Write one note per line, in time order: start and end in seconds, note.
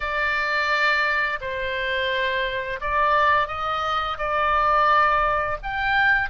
0.00 1.39 D5
1.40 2.80 C5
2.80 3.47 D5
3.47 4.17 D#5
4.18 5.57 D5
5.62 6.29 G5